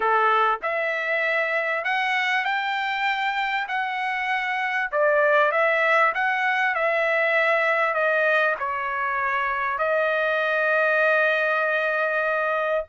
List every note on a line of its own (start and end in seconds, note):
0.00 0.59 A4
0.62 1.84 E5
1.84 2.44 F#5
2.44 3.67 G5
3.68 4.90 F#5
4.91 5.51 D5
5.51 6.12 E5
6.14 6.74 F#5
6.74 7.94 E5
7.94 8.55 D#5
8.59 9.78 C#5
9.78 12.84 D#5